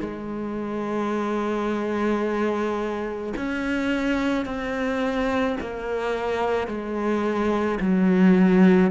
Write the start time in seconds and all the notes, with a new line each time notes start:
0.00 G#3
3.36 C#4
4.45 C4
5.61 A#3
6.67 G#3
7.80 F#3